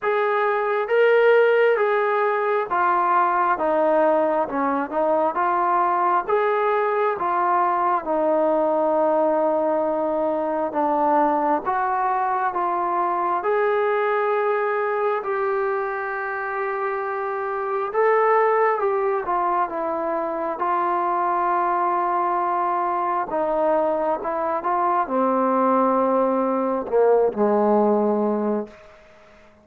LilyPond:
\new Staff \with { instrumentName = "trombone" } { \time 4/4 \tempo 4 = 67 gis'4 ais'4 gis'4 f'4 | dis'4 cis'8 dis'8 f'4 gis'4 | f'4 dis'2. | d'4 fis'4 f'4 gis'4~ |
gis'4 g'2. | a'4 g'8 f'8 e'4 f'4~ | f'2 dis'4 e'8 f'8 | c'2 ais8 gis4. | }